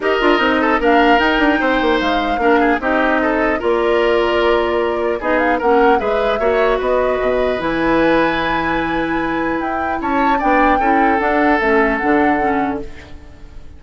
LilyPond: <<
  \new Staff \with { instrumentName = "flute" } { \time 4/4 \tempo 4 = 150 dis''2 f''4 g''4~ | g''4 f''2 dis''4~ | dis''4 d''2.~ | d''4 dis''8 f''8 fis''4 e''4~ |
e''4 dis''2 gis''4~ | gis''1 | g''4 a''4 g''2 | fis''4 e''4 fis''2 | }
  \new Staff \with { instrumentName = "oboe" } { \time 4/4 ais'4. a'8 ais'2 | c''2 ais'8 gis'8 g'4 | a'4 ais'2.~ | ais'4 gis'4 ais'4 b'4 |
cis''4 b'2.~ | b'1~ | b'4 cis''4 d''4 a'4~ | a'1 | }
  \new Staff \with { instrumentName = "clarinet" } { \time 4/4 g'8 f'8 dis'4 d'4 dis'4~ | dis'2 d'4 dis'4~ | dis'4 f'2.~ | f'4 dis'4 cis'4 gis'4 |
fis'2. e'4~ | e'1~ | e'2 d'4 e'4 | d'4 cis'4 d'4 cis'4 | }
  \new Staff \with { instrumentName = "bassoon" } { \time 4/4 dis'8 d'8 c'4 ais4 dis'8 d'8 | c'8 ais8 gis4 ais4 c'4~ | c'4 ais2.~ | ais4 b4 ais4 gis4 |
ais4 b4 b,4 e4~ | e1 | e'4 cis'4 b4 cis'4 | d'4 a4 d2 | }
>>